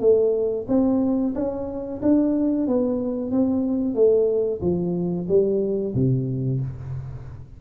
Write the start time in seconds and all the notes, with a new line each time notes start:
0.00 A3
0.68 C4
1.35 C#4
2.02 D4
2.67 B3
3.31 C4
3.95 A3
4.61 F3
5.28 G3
5.95 C3